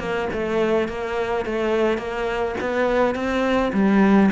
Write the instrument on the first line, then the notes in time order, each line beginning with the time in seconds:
cello
0.00 A#3
0.33 A3
0.89 A#3
1.46 A3
1.98 A#3
2.61 B3
3.15 C4
3.74 G3